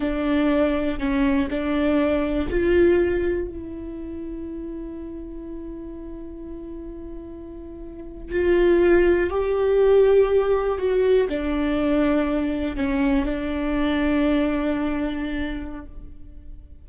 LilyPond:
\new Staff \with { instrumentName = "viola" } { \time 4/4 \tempo 4 = 121 d'2 cis'4 d'4~ | d'4 f'2 e'4~ | e'1~ | e'1~ |
e'8. f'2 g'4~ g'16~ | g'4.~ g'16 fis'4 d'4~ d'16~ | d'4.~ d'16 cis'4 d'4~ d'16~ | d'1 | }